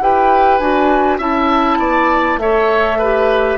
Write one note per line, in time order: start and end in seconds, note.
0.00 0.60 E4
0.00 0.61 G4
0.00 1.18 B4
0.00 0.58 G5
0.58 1.19 D4
0.58 1.20 F#4
0.58 1.18 G#5
1.18 1.79 C#4
1.18 2.40 E4
1.18 1.78 E5
1.18 2.39 A5
1.79 2.37 B3
1.79 2.39 D5
2.37 3.57 A3
2.37 3.00 A4
2.37 2.98 C#5
2.37 3.58 E5
2.98 3.58 G4
2.98 3.58 B4